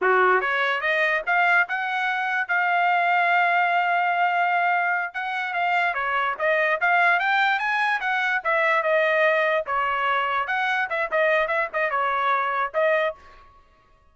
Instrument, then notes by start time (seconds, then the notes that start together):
trumpet
0.01 F#4
0.41 C#5
0.81 D#5
1.26 F5
1.68 F#5
2.48 F5
5.14 F#5
5.53 F5
5.94 C#5
6.38 D#5
6.81 F5
7.19 G5
7.59 G#5
8.00 F#5
8.44 E5
8.82 D#5
9.66 C#5
10.47 F#5
10.89 E5
11.11 D#5
11.47 E5
11.73 D#5
11.90 C#5
12.74 D#5